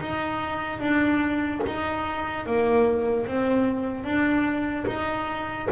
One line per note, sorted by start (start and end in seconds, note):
0.00 0.79 D#4
0.79 1.60 D4
1.66 2.45 D#4
2.45 3.26 A#3
3.26 4.04 C4
4.04 4.85 D4
4.86 5.68 D#4